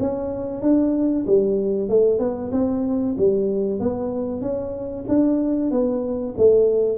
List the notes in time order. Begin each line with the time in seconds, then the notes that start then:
0.00 C#4
0.62 D4
1.27 G3
1.89 A3
2.19 B3
2.52 C4
3.18 G3
3.80 B3
4.42 C#4
5.08 D4
5.71 B3
6.38 A3